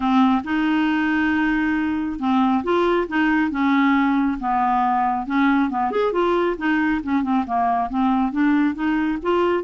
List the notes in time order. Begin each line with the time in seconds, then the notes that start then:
0.00 C4
0.43 D#4
2.19 C4
2.63 F4
3.08 D#4
3.50 C#4
4.39 B3
5.26 C#4
5.70 B3
5.91 G#4
6.12 F4
6.57 D#4
7.03 C#4
7.23 C4
7.46 A#3
7.89 C4
8.32 D4
8.74 D#4
9.22 F4